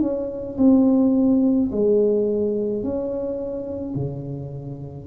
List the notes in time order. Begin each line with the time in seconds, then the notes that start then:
0.00 C#4
0.57 C4
1.71 G#3
2.83 C#4
3.94 C#3